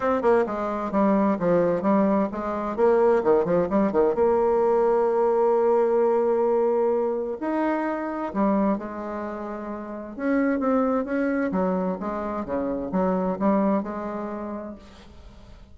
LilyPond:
\new Staff \with { instrumentName = "bassoon" } { \time 4/4 \tempo 4 = 130 c'8 ais8 gis4 g4 f4 | g4 gis4 ais4 dis8 f8 | g8 dis8 ais2.~ | ais1 |
dis'2 g4 gis4~ | gis2 cis'4 c'4 | cis'4 fis4 gis4 cis4 | fis4 g4 gis2 | }